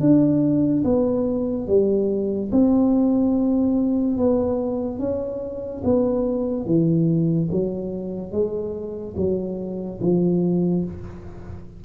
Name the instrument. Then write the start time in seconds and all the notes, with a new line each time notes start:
tuba
0.00 D4
0.84 B3
1.67 G3
2.52 C4
4.17 B3
4.99 C#4
5.84 B3
6.66 E3
7.51 F#3
8.32 G#3
9.17 F#3
10.01 F3